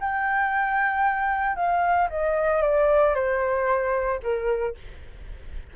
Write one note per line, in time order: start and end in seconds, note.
0.00 1.56 G5
1.56 2.09 F5
2.10 2.62 D#5
2.62 3.15 D5
3.15 4.20 C5
4.23 4.75 A#4